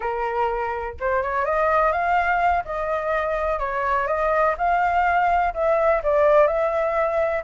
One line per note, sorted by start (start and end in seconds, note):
0.00 0.94 A#4
0.99 1.22 C5
1.22 1.45 C#5
1.45 1.91 D#5
1.91 2.63 F5
2.64 3.59 D#5
3.59 4.07 C#5
4.07 4.55 D#5
4.57 5.53 F5
5.54 6.02 E5
6.03 6.47 D5
6.47 7.43 E5